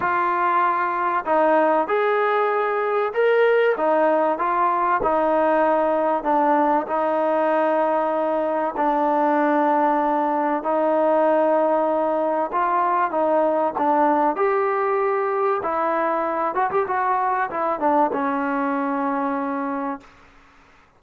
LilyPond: \new Staff \with { instrumentName = "trombone" } { \time 4/4 \tempo 4 = 96 f'2 dis'4 gis'4~ | gis'4 ais'4 dis'4 f'4 | dis'2 d'4 dis'4~ | dis'2 d'2~ |
d'4 dis'2. | f'4 dis'4 d'4 g'4~ | g'4 e'4. fis'16 g'16 fis'4 | e'8 d'8 cis'2. | }